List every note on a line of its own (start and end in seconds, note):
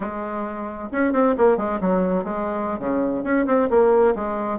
0.00 0.89 G#3
0.91 1.13 C#4
1.13 1.35 C4
1.37 1.57 A#3
1.57 1.79 G#3
1.81 2.23 F#3
2.23 2.79 G#3
2.79 3.23 C#3
3.23 3.46 C#4
3.46 3.68 C4
3.70 4.14 A#3
4.15 4.59 G#3